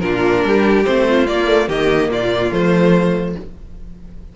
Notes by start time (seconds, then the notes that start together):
0.00 A#2 D4 F4 A#4
0.43 G3 G4
0.85 A3 C4 C5
1.09 F4
1.27 A#3 D5
1.47 A3
1.67 D#3 A#3 G4 D#5
2.09 A#2 F4 D5
2.52 F3 A3 C5